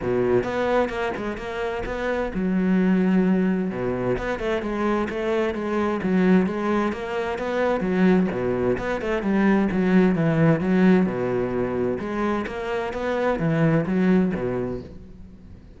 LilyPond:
\new Staff \with { instrumentName = "cello" } { \time 4/4 \tempo 4 = 130 b,4 b4 ais8 gis8 ais4 | b4 fis2. | b,4 b8 a8 gis4 a4 | gis4 fis4 gis4 ais4 |
b4 fis4 b,4 b8 a8 | g4 fis4 e4 fis4 | b,2 gis4 ais4 | b4 e4 fis4 b,4 | }